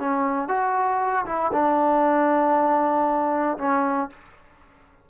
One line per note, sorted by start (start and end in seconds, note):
0.00 0.49 C#4
0.49 1.26 F#4
1.26 1.52 E4
1.53 3.58 D4
3.59 4.10 C#4